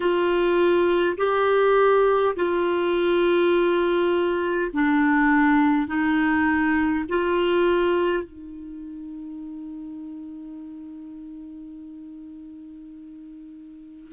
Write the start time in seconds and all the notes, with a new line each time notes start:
0.00 F4
1.17 G4
2.35 F4
4.73 D4
5.87 D#4
7.09 F4
8.24 D#4